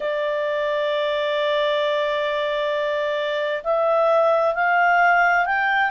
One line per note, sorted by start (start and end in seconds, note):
0.00 3.62 D5
3.63 4.54 E5
4.54 5.45 F5
5.45 5.90 G5